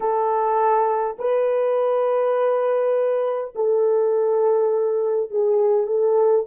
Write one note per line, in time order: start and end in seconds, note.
0.00 1.17 A4
1.18 3.53 B4
3.55 5.30 A4
5.30 5.87 G#4
5.87 6.45 A4